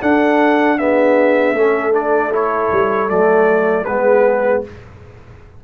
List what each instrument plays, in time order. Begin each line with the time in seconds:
0.00 trombone D4, tuba D4, horn A4, trumpet F#5
0.78 trombone B3, horn G#4, trumpet E5
1.53 tuba A3, trombone C#4, horn A4
1.92 trombone D4, trumpet D5
2.32 trombone E4, trumpet C#5
2.71 tuba G3
3.08 tuba F#3, trombone A3, trumpet D5
3.84 tuba G#3, trombone B3, horn G#4, trumpet B4